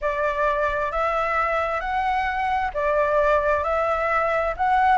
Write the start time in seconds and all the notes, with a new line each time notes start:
0.01 D5
0.91 E5
1.80 F#5
2.74 D5
3.63 E5
4.56 F#5